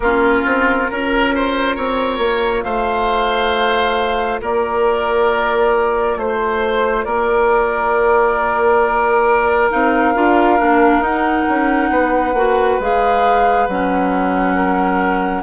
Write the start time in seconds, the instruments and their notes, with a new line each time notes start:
0.00 bassoon A#3, clarinet C#4, oboe F4, flute A#4
0.45 bassoon C4
0.87 bassoon C#4, clarinet F4, oboe A#4
1.35 oboe C5
1.75 bassoon C4, oboe C#5
2.18 bassoon A#3
2.63 bassoon A3, oboe C5, flute F5
4.41 bassoon A#3, oboe A#4, flute D5
6.16 bassoon A3, oboe C5, flute C5
7.04 bassoon A#3, oboe A#4, flute D5
9.70 bassoon C4, clarinet D#4, flute F5
10.14 bassoon D4, clarinet F4
10.58 bassoon A#3, clarinet D4
10.99 bassoon D#4, clarinet D#4, flute F#5
11.49 bassoon C#4
11.89 bassoon B3, oboe B4
12.33 bassoon A#3, clarinet F#4
12.79 bassoon G#3, clarinet G#4, flute F5
13.67 bassoon F#3, clarinet C#4, flute F#5
14.55 oboe A#4